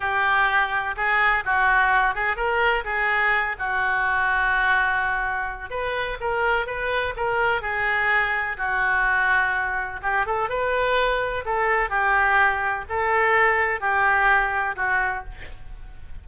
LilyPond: \new Staff \with { instrumentName = "oboe" } { \time 4/4 \tempo 4 = 126 g'2 gis'4 fis'4~ | fis'8 gis'8 ais'4 gis'4. fis'8~ | fis'1 | b'4 ais'4 b'4 ais'4 |
gis'2 fis'2~ | fis'4 g'8 a'8 b'2 | a'4 g'2 a'4~ | a'4 g'2 fis'4 | }